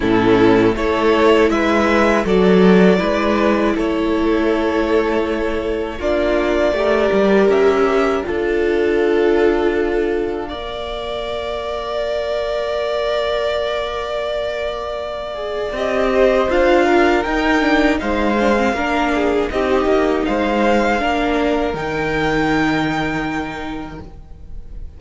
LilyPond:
<<
  \new Staff \with { instrumentName = "violin" } { \time 4/4 \tempo 4 = 80 a'4 cis''4 e''4 d''4~ | d''4 cis''2. | d''2 e''4 f''4~ | f''1~ |
f''1~ | f''4 dis''4 f''4 g''4 | f''2 dis''4 f''4~ | f''4 g''2. | }
  \new Staff \with { instrumentName = "violin" } { \time 4/4 e'4 a'4 b'4 a'4 | b'4 a'2. | f'4 ais'2 a'4~ | a'2 d''2~ |
d''1~ | d''4. c''4 ais'4. | c''4 ais'8 gis'8 g'4 c''4 | ais'1 | }
  \new Staff \with { instrumentName = "viola" } { \time 4/4 cis'4 e'2 fis'4 | e'1 | d'4 g'2 f'4~ | f'2 ais'2~ |
ais'1~ | ais'8 gis'8 g'4 f'4 dis'8 d'8 | dis'8 d'16 c'16 d'4 dis'2 | d'4 dis'2. | }
  \new Staff \with { instrumentName = "cello" } { \time 4/4 a,4 a4 gis4 fis4 | gis4 a2. | ais4 a8 g8 cis'4 d'4~ | d'2 ais2~ |
ais1~ | ais4 c'4 d'4 dis'4 | gis4 ais4 c'8 ais8 gis4 | ais4 dis2. | }
>>